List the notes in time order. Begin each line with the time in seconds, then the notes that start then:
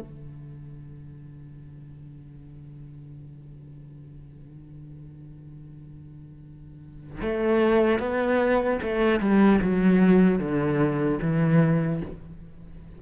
0.00 D3
7.21 A3
7.99 B3
8.83 A3
9.20 G3
9.61 F#3
10.39 D3
11.21 E3